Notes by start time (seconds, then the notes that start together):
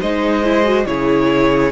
0.00 G#3 D#4 C5 D#5
0.43 E4
0.63 F#4
0.86 C#3 E4 G#4 C#5